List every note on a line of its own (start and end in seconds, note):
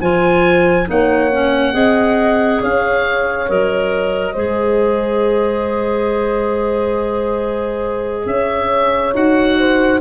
0.00 0.87 F3
0.00 0.86 F4
0.00 0.87 C5
0.00 0.88 G#5
0.86 1.74 A#3
0.86 1.30 D#4
0.86 1.74 C#5
0.86 2.63 F#5
1.32 1.73 C#4
1.73 2.61 C4
1.73 3.47 G#4
1.73 2.61 D#5
2.61 3.49 C#4
2.61 4.33 C#5
2.61 3.50 F5
3.48 4.36 F#3
3.48 4.35 A#4
3.48 8.27 D#5
4.33 8.26 G#3
4.33 9.14 G#4
4.33 8.25 C5
8.26 9.13 C#4
8.26 9.59 C#5
8.26 9.14 E5
9.14 10.01 D#4
9.14 10.01 F#4
9.14 10.01 F#5
9.59 10.01 C5